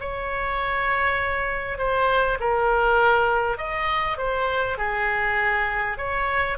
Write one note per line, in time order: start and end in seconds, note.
0.00 1.78 C#5
1.78 2.38 C5
2.40 3.58 A#4
3.58 4.18 D#5
4.18 4.77 C5
4.77 5.97 G#4
5.97 6.57 C#5